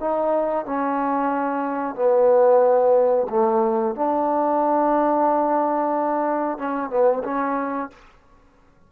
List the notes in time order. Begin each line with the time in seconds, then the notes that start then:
0.00 D#4
0.66 C#4
1.95 B3
3.29 A3
3.95 D4
6.58 C#4
6.90 B3
7.24 C#4